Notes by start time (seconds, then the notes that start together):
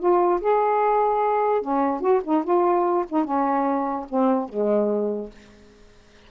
0.00 F4
0.41 G#4
1.62 C#4
2.01 F#4
2.24 D#4
2.45 F4
3.10 D#4
3.25 C#4
4.10 C4
4.49 G#3